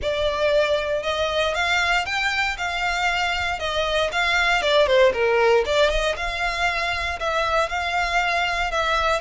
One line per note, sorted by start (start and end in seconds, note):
0.01 1.03 D5
1.03 1.54 D#5
1.54 2.05 F5
2.05 2.56 G5
2.57 3.59 F5
3.59 4.10 D#5
4.12 4.62 F5
4.62 4.86 D5
4.86 5.12 C5
5.13 5.64 A#4
5.65 5.90 D5
5.90 6.15 D#5
6.16 7.19 F5
7.19 7.69 E5
7.69 8.71 F5
8.71 9.21 E5